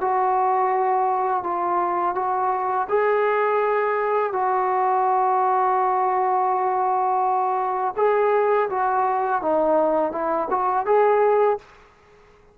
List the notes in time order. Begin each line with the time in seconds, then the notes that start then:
0.00 F#4
1.43 F4
2.15 F#4
2.88 G#4
4.32 F#4
7.96 G#4
8.69 F#4
9.41 D#4
10.12 E4
10.50 F#4
10.86 G#4